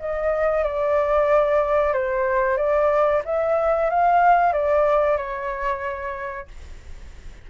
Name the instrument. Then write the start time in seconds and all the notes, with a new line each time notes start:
flute
0.00 D#5
0.64 D5
1.94 C5
2.57 D5
3.25 E5
3.90 F5
4.53 D5
5.17 C#5